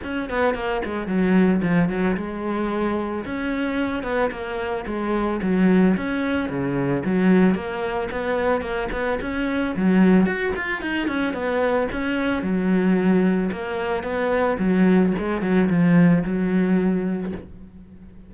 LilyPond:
\new Staff \with { instrumentName = "cello" } { \time 4/4 \tempo 4 = 111 cis'8 b8 ais8 gis8 fis4 f8 fis8 | gis2 cis'4. b8 | ais4 gis4 fis4 cis'4 | cis4 fis4 ais4 b4 |
ais8 b8 cis'4 fis4 fis'8 f'8 | dis'8 cis'8 b4 cis'4 fis4~ | fis4 ais4 b4 fis4 | gis8 fis8 f4 fis2 | }